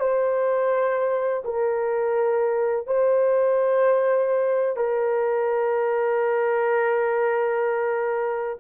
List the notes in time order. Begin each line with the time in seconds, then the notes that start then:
0.00 C5
1.45 A#4
2.87 C5
4.77 A#4